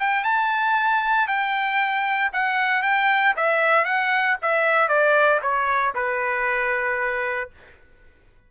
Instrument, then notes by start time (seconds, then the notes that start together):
trumpet
0.00 G5
0.24 A5
1.28 G5
2.33 F#5
2.83 G5
3.36 E5
3.85 F#5
4.42 E5
4.89 D5
5.42 C#5
5.95 B4